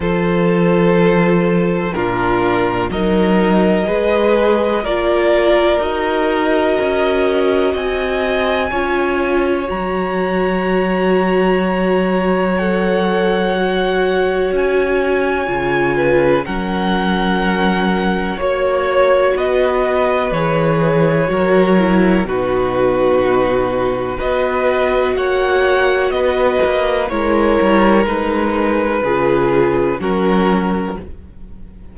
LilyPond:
<<
  \new Staff \with { instrumentName = "violin" } { \time 4/4 \tempo 4 = 62 c''2 ais'4 dis''4~ | dis''4 d''4 dis''2 | gis''2 ais''2~ | ais''4 fis''2 gis''4~ |
gis''4 fis''2 cis''4 | dis''4 cis''2 b'4~ | b'4 dis''4 fis''4 dis''4 | cis''4 b'2 ais'4 | }
  \new Staff \with { instrumentName = "violin" } { \time 4/4 a'2 f'4 ais'4 | b'4 ais'2. | dis''4 cis''2.~ | cis''1~ |
cis''8 b'8 ais'2 cis''4 | b'2 ais'4 fis'4~ | fis'4 b'4 cis''4 b'4 | ais'2 gis'4 fis'4 | }
  \new Staff \with { instrumentName = "viola" } { \time 4/4 f'2 d'4 dis'4 | gis'4 f'4 fis'2~ | fis'4 f'4 fis'2~ | fis'4 a'4 fis'2 |
f'4 cis'2 fis'4~ | fis'4 gis'4 fis'8 e'8 dis'4~ | dis'4 fis'2. | e'4 dis'4 f'4 cis'4 | }
  \new Staff \with { instrumentName = "cello" } { \time 4/4 f2 ais,4 fis4 | gis4 ais4 dis'4 cis'4 | c'4 cis'4 fis2~ | fis2. cis'4 |
cis4 fis2 ais4 | b4 e4 fis4 b,4~ | b,4 b4 ais4 b8 ais8 | gis8 g8 gis4 cis4 fis4 | }
>>